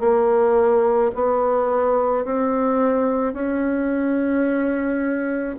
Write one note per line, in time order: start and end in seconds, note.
0.00 1.11 A#3
1.15 2.25 B3
2.25 3.33 C4
3.33 5.56 C#4